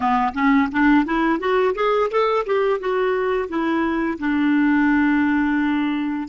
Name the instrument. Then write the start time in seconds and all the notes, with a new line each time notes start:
clarinet
0.00 B3
0.34 C#4
0.71 D4
1.05 E4
1.39 F#4
1.74 G#4
2.10 A4
2.46 G4
2.79 F#4
3.49 E4
4.19 D4